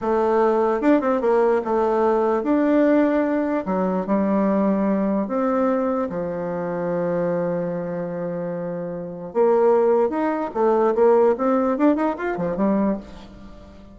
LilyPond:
\new Staff \with { instrumentName = "bassoon" } { \time 4/4 \tempo 4 = 148 a2 d'8 c'8 ais4 | a2 d'2~ | d'4 fis4 g2~ | g4 c'2 f4~ |
f1~ | f2. ais4~ | ais4 dis'4 a4 ais4 | c'4 d'8 dis'8 f'8 f8 g4 | }